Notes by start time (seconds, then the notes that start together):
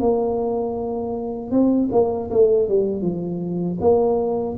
0.00 A#3
1.51 C4
1.92 A#3
2.31 A3
2.68 G3
3.02 F3
3.81 A#3